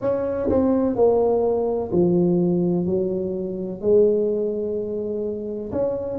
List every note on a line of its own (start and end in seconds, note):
0.01 0.48 C#4
0.49 0.95 C4
0.95 1.90 A#3
1.91 2.86 F3
2.86 3.81 F#3
3.81 5.71 G#3
5.71 6.19 C#4